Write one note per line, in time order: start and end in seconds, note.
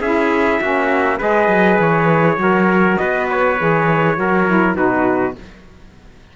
0.00 0.59 C#4
0.00 0.62 E4
0.00 0.61 G#4
0.00 1.20 E5
0.61 1.20 A#3
0.61 1.19 C#4
0.61 1.18 F#4
1.18 1.48 G#3
1.18 2.37 G#4
1.18 2.37 B4
1.18 1.81 D#5
1.48 1.78 F#3
1.79 2.37 E3
1.79 2.97 C#5
2.37 2.97 F#3
2.37 3.56 F#4
2.37 3.00 A#4
2.97 3.61 B3
2.97 4.19 B4
2.97 3.27 D#5
3.30 4.76 C#5
3.60 4.18 E3
3.60 4.16 G#4
4.16 4.75 F#3
4.16 4.46 F#4
4.16 4.76 A#4
4.47 4.75 E4
4.75 5.34 B2
4.75 5.35 D#4
4.75 5.36 F#4
4.75 5.36 B4